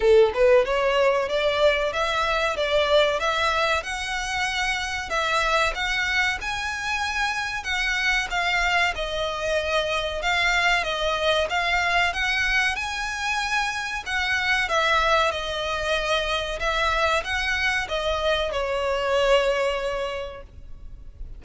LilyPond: \new Staff \with { instrumentName = "violin" } { \time 4/4 \tempo 4 = 94 a'8 b'8 cis''4 d''4 e''4 | d''4 e''4 fis''2 | e''4 fis''4 gis''2 | fis''4 f''4 dis''2 |
f''4 dis''4 f''4 fis''4 | gis''2 fis''4 e''4 | dis''2 e''4 fis''4 | dis''4 cis''2. | }